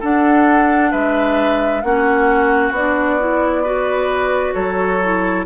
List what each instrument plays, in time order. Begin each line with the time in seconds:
0.00 clarinet D4, bassoon D4, oboe A4, flute F#5
0.91 bassoon G#3, oboe B4, flute E5
1.82 bassoon A#3, clarinet C#4, oboe F#4, flute F#5
2.71 bassoon B3, flute D5
2.77 clarinet D4
3.20 clarinet E4
3.63 clarinet F#4, oboe B4
4.54 bassoon F#3, oboe A4, flute C#5
5.03 clarinet E4